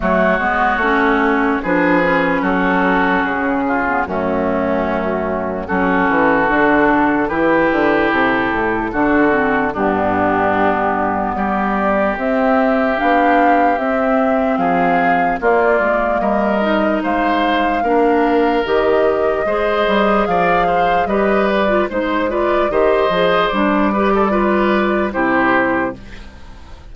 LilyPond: <<
  \new Staff \with { instrumentName = "flute" } { \time 4/4 \tempo 4 = 74 cis''2 b'4 a'4 | gis'4 fis'2 a'4~ | a'4 b'4 a'2 | g'2 d''4 e''4 |
f''4 e''4 f''4 d''4 | dis''4 f''2 dis''4~ | dis''4 f''4 dis''8 d''8 c''8 d''8 | dis''4 d''2 c''4 | }
  \new Staff \with { instrumentName = "oboe" } { \time 4/4 fis'2 gis'4 fis'4~ | fis'8 f'8 cis'2 fis'4~ | fis'4 g'2 fis'4 | d'2 g'2~ |
g'2 gis'4 f'4 | ais'4 c''4 ais'2 | c''4 d''8 c''8 b'4 c''8 b'8 | c''4. b'16 a'16 b'4 g'4 | }
  \new Staff \with { instrumentName = "clarinet" } { \time 4/4 a8 b8 cis'4 d'8 cis'4.~ | cis'8. b16 a2 cis'4 | d'4 e'2 d'8 c'8 | b2. c'4 |
d'4 c'2 ais4~ | ais8 dis'4. d'4 g'4 | gis'2 g'8. f'16 dis'8 f'8 | g'8 gis'8 d'8 g'8 f'4 e'4 | }
  \new Staff \with { instrumentName = "bassoon" } { \time 4/4 fis8 gis8 a4 f4 fis4 | cis4 fis,2 fis8 e8 | d4 e8 d8 c8 a,8 d4 | g,2 g4 c'4 |
b4 c'4 f4 ais8 gis8 | g4 gis4 ais4 dis4 | gis8 g8 f4 g4 gis4 | dis8 f8 g2 c4 | }
>>